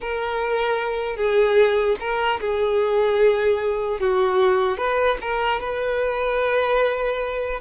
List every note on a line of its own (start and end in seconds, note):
0.00 1.16 A#4
1.16 1.96 G#4
1.99 2.39 A#4
2.40 4.00 G#4
4.00 4.77 F#4
4.77 5.17 B4
5.21 5.60 A#4
5.60 7.60 B4